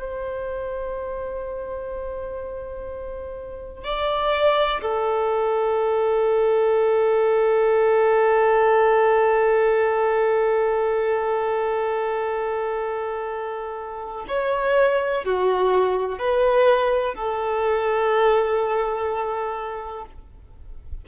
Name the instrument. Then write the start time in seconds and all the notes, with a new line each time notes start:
violin
0.00 C5
3.84 D5
4.82 A4
14.28 C#5
15.25 F#4
16.19 B4
17.15 A4